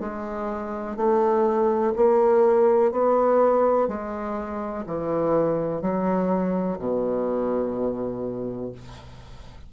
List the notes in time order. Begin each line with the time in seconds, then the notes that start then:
0.00 G#3
0.96 A3
1.96 A#3
2.91 B3
3.88 G#3
4.87 E3
5.82 F#3
6.78 B2